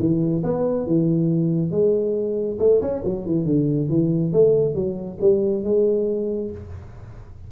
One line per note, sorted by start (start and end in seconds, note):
0.00 0.43 E3
0.44 0.87 B3
0.87 1.71 E3
1.71 2.58 G#3
2.60 2.81 A3
2.82 3.04 C#4
3.05 3.26 F#3
3.26 3.46 E3
3.46 3.89 D3
3.90 4.33 E3
4.33 4.75 A3
4.75 5.19 F#3
5.21 5.64 G3
5.64 6.51 G#3